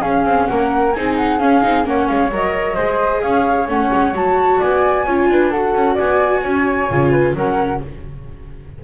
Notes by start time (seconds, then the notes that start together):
0.00 C#4 G#4 F5
0.25 C4
0.47 A#3 A#4 F#5
0.92 C4 D#4 G#4 G#5
1.17 F#5
1.39 C#4 F5
1.62 C4 D#4
1.84 A#3 C#4 C#5 F#5
2.07 G#3 F5
2.31 F#3 A#4 D#5
2.75 G#3 G#4 C5
3.22 C#4 C#5 F5
3.68 A3 C#4 F#5
3.93 G#3
4.14 F#3 F#4 A5
4.59 B3 D5 G#5
5.06 C#4 F4 C#5
5.29 D4 B4
5.51 F#4 A4 F#5
5.75 C#4
5.94 B3 D5 G#5
6.42 C#4 C#5
6.90 C#3 F4
7.11 B4
7.34 F#3 C#4 A#4 F#5